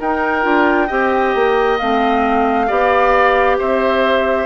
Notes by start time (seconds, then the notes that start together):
0.00 D#4 A#4 G5
0.43 D4 F4
0.87 C4 G4 D#5
1.35 A#3
1.78 A3 C4 F5
2.67 B3 G4 D5
3.58 C4 C5 E5